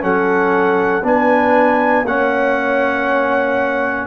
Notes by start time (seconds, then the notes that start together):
0.00 F#3 C#4 A4 F#5
1.03 B3 D4 B4 G#5
2.02 A#3 C#4 F#5
2.08 C#5